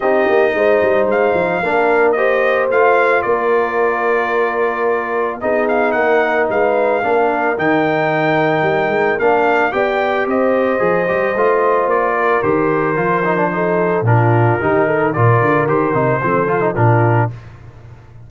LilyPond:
<<
  \new Staff \with { instrumentName = "trumpet" } { \time 4/4 \tempo 4 = 111 dis''2 f''2 | dis''4 f''4 d''2~ | d''2 dis''8 f''8 fis''4 | f''2 g''2~ |
g''4 f''4 g''4 dis''4~ | dis''2 d''4 c''4~ | c''2 ais'2 | d''4 c''2 ais'4 | }
  \new Staff \with { instrumentName = "horn" } { \time 4/4 g'4 c''2 ais'4 | c''2 ais'2~ | ais'2 gis'4 ais'4 | b'4 ais'2.~ |
ais'2 d''4 c''4~ | c''2~ c''8 ais'4.~ | ais'4 a'4 f'4 g'8 a'8 | ais'2 a'4 f'4 | }
  \new Staff \with { instrumentName = "trombone" } { \time 4/4 dis'2. d'4 | g'4 f'2.~ | f'2 dis'2~ | dis'4 d'4 dis'2~ |
dis'4 d'4 g'2 | gis'8 g'8 f'2 g'4 | f'8 dis'16 d'16 dis'4 d'4 dis'4 | f'4 g'8 dis'8 c'8 f'16 dis'16 d'4 | }
  \new Staff \with { instrumentName = "tuba" } { \time 4/4 c'8 ais8 gis8 g8 gis8 f8 ais4~ | ais4 a4 ais2~ | ais2 b4 ais4 | gis4 ais4 dis2 |
g8 gis8 ais4 b4 c'4 | f8 g8 a4 ais4 dis4 | f2 ais,4 dis4 | ais,8 d8 dis8 c8 f4 ais,4 | }
>>